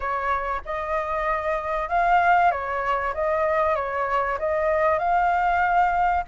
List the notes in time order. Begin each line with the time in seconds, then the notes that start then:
0.00 C#5
0.65 D#5
1.89 F5
2.51 C#5
3.14 D#5
3.75 C#5
4.38 D#5
4.98 F5